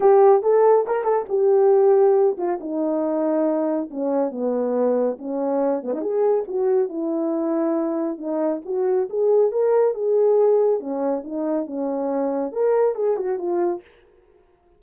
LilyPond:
\new Staff \with { instrumentName = "horn" } { \time 4/4 \tempo 4 = 139 g'4 a'4 ais'8 a'8 g'4~ | g'4. f'8 dis'2~ | dis'4 cis'4 b2 | cis'4. b16 dis'16 gis'4 fis'4 |
e'2. dis'4 | fis'4 gis'4 ais'4 gis'4~ | gis'4 cis'4 dis'4 cis'4~ | cis'4 ais'4 gis'8 fis'8 f'4 | }